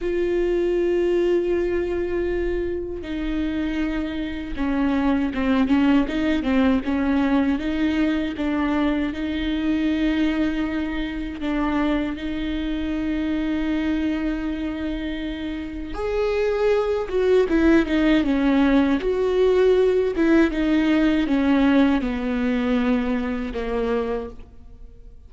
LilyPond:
\new Staff \with { instrumentName = "viola" } { \time 4/4 \tempo 4 = 79 f'1 | dis'2 cis'4 c'8 cis'8 | dis'8 c'8 cis'4 dis'4 d'4 | dis'2. d'4 |
dis'1~ | dis'4 gis'4. fis'8 e'8 dis'8 | cis'4 fis'4. e'8 dis'4 | cis'4 b2 ais4 | }